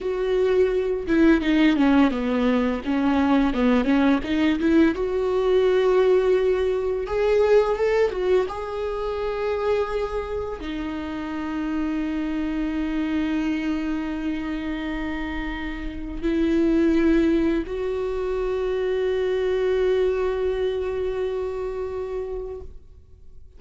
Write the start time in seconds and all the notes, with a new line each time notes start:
0.00 F#4
1.07 E4
1.41 D#4
1.76 C#4
2.10 B3
2.84 C#4
3.53 B3
3.84 C#4
4.24 D#4
4.59 E4
4.94 F#4
7.07 G#4
7.76 A4
8.10 F#4
8.48 G#4
10.60 D#4
16.22 E4
17.66 F#4